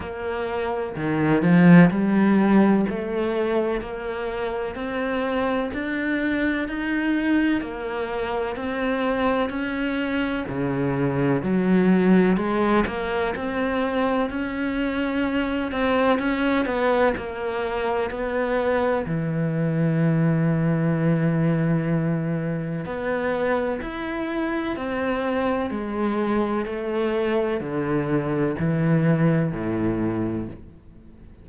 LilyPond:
\new Staff \with { instrumentName = "cello" } { \time 4/4 \tempo 4 = 63 ais4 dis8 f8 g4 a4 | ais4 c'4 d'4 dis'4 | ais4 c'4 cis'4 cis4 | fis4 gis8 ais8 c'4 cis'4~ |
cis'8 c'8 cis'8 b8 ais4 b4 | e1 | b4 e'4 c'4 gis4 | a4 d4 e4 a,4 | }